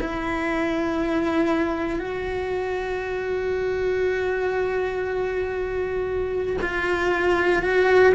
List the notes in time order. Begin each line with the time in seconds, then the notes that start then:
0.00 E4
1.99 F#4
6.61 F4
7.62 F#4